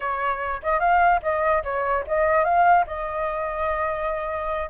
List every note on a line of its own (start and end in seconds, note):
0.00 0.61 C#5
0.62 0.79 D#5
0.79 1.20 F5
1.22 1.63 D#5
1.63 2.04 C#5
2.07 2.44 D#5
2.44 2.85 F5
2.86 4.69 D#5